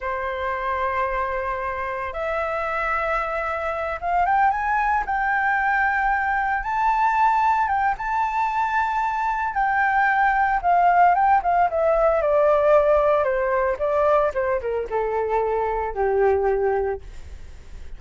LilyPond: \new Staff \with { instrumentName = "flute" } { \time 4/4 \tempo 4 = 113 c''1 | e''2.~ e''8 f''8 | g''8 gis''4 g''2~ g''8~ | g''8 a''2 g''8 a''4~ |
a''2 g''2 | f''4 g''8 f''8 e''4 d''4~ | d''4 c''4 d''4 c''8 ais'8 | a'2 g'2 | }